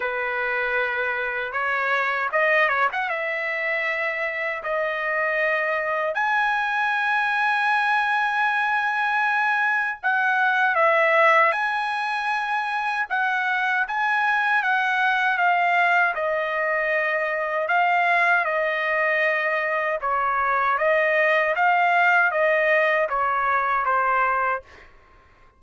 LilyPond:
\new Staff \with { instrumentName = "trumpet" } { \time 4/4 \tempo 4 = 78 b'2 cis''4 dis''8 cis''16 fis''16 | e''2 dis''2 | gis''1~ | gis''4 fis''4 e''4 gis''4~ |
gis''4 fis''4 gis''4 fis''4 | f''4 dis''2 f''4 | dis''2 cis''4 dis''4 | f''4 dis''4 cis''4 c''4 | }